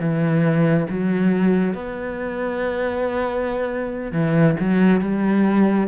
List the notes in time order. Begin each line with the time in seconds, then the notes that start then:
0.00 E3
0.90 F#3
1.75 B3
4.13 E3
4.60 F#3
5.02 G3